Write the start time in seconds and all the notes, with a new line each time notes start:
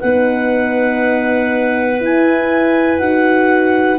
0.00 B3 D#4 B4 F#5
1.99 E4 G#5
2.98 D#4 F#4 F#5